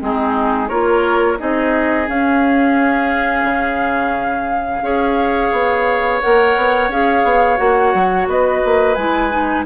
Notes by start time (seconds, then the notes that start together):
0.00 G#3 C4 D#4 G#4
0.69 A#3 F4 A#4 C#5
1.38 C4 D#4 G#4 D#5
2.08 C#4 F5
3.44 C#3
4.82 C#4 G#4 C#5
5.52 B3
6.22 A#3 A#4 F#5
6.57 B3
6.89 C#4 G#4 F5
7.24 B3
7.57 A#3 F#4 F#5
7.94 F#3
8.28 B3 B4 D#5
8.66 A#3
8.95 G#3 E4 G#5
9.31 D#4